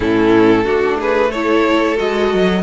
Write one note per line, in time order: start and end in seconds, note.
0.00 0.64 A2
0.00 0.65 C#4
0.00 0.64 E4
0.00 0.99 A4
0.64 1.98 A3
0.64 1.31 D4
0.64 0.97 F#4
0.99 1.30 G#4
0.99 1.31 B4
1.30 1.96 E4
1.30 2.62 A4
1.30 1.97 C#5
1.96 2.33 G#3
1.96 2.62 F#4
1.96 2.62 D#5
2.33 2.62 F#3